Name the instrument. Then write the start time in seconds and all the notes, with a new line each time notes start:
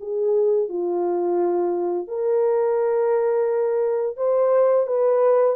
horn
0.00 G#4
0.68 F4
2.07 A#4
4.16 C5
4.86 B4